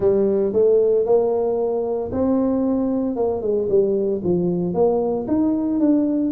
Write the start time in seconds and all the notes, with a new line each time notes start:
0.00 G3
0.52 A3
1.05 A#3
2.12 C4
3.16 A#3
3.41 G#3
3.69 G3
4.23 F3
4.73 A#3
5.27 D#4
5.80 D4